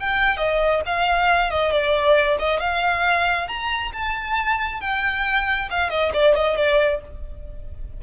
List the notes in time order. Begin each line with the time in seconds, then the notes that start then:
0.00 G5
0.37 D#5
0.86 F5
1.51 D#5
1.72 D5
2.39 D#5
2.60 F5
3.48 A#5
3.93 A5
4.81 G5
5.71 F5
5.90 D#5
6.14 D5
6.35 D#5
6.57 D5